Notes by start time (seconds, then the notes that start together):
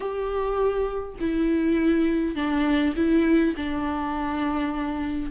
0.00 G4
1.20 E4
2.35 D4
2.96 E4
3.56 D4